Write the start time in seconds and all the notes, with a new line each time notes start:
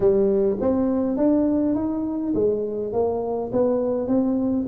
0.00 G3
0.60 C4
1.17 D4
1.75 D#4
2.34 G#3
2.93 A#3
3.52 B3
4.07 C4